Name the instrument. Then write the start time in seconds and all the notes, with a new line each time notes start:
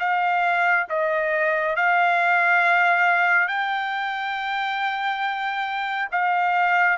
trumpet
0.00 F5
0.90 D#5
1.76 F5
3.49 G5
6.12 F5